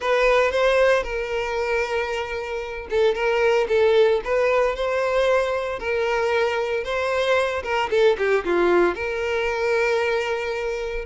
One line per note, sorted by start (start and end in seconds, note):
0.00 0.51 B4
0.51 1.03 C5
1.03 2.87 A#4
2.89 3.14 A4
3.14 3.67 A#4
3.68 4.21 A4
4.24 4.75 B4
4.75 5.79 C5
5.79 6.83 A#4
6.83 7.62 C5
7.63 7.89 A#4
7.90 8.16 A4
8.17 8.44 G4
8.44 8.94 F4
8.94 11.05 A#4